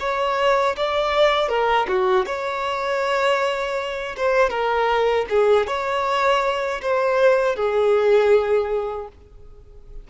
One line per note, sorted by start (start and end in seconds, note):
0.00 0.76 C#5
0.76 1.48 D5
1.48 1.86 A#4
1.88 2.26 F#4
2.26 4.16 C#5
4.16 4.50 C5
4.50 5.26 A#4
5.30 5.67 G#4
5.67 6.81 C#5
6.81 7.56 C5
7.56 9.08 G#4